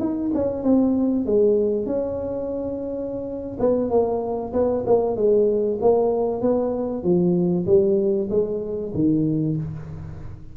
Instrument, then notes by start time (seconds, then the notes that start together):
tuba
0.00 D#4
0.34 C#4
0.63 C4
1.26 G#3
1.86 C#4
3.59 B3
3.90 A#3
4.53 B3
4.86 A#3
5.16 G#3
5.81 A#3
6.41 B3
7.03 F3
7.66 G3
8.30 G#3
8.94 D#3